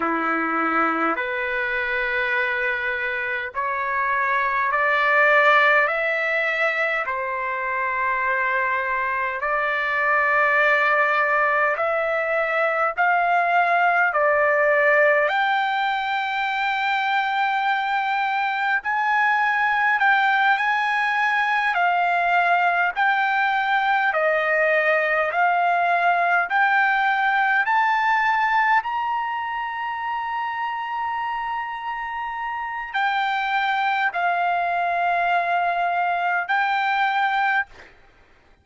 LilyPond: \new Staff \with { instrumentName = "trumpet" } { \time 4/4 \tempo 4 = 51 e'4 b'2 cis''4 | d''4 e''4 c''2 | d''2 e''4 f''4 | d''4 g''2. |
gis''4 g''8 gis''4 f''4 g''8~ | g''8 dis''4 f''4 g''4 a''8~ | a''8 ais''2.~ ais''8 | g''4 f''2 g''4 | }